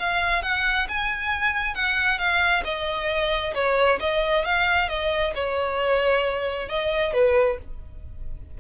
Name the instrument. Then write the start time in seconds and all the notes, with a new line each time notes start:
violin
0.00 F5
0.43 F#5
0.89 G#5
1.75 F#5
2.19 F5
2.65 D#5
3.55 C#5
4.01 D#5
4.46 F5
4.89 D#5
5.35 C#5
6.69 D#5
7.14 B4